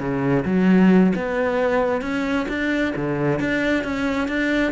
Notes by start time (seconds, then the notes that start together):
0.00 C#3
0.46 F#3
1.16 B3
2.02 C#4
2.49 D4
2.97 D3
3.40 D4
3.84 C#4
4.29 D4